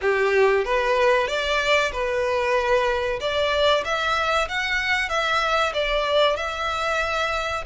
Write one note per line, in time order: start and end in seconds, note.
0.01 0.64 G4
0.64 1.27 B4
1.27 1.91 D5
1.91 3.19 B4
3.20 3.84 D5
3.84 4.48 E5
4.48 5.09 F#5
5.09 5.72 E5
5.73 6.36 D5
6.36 7.64 E5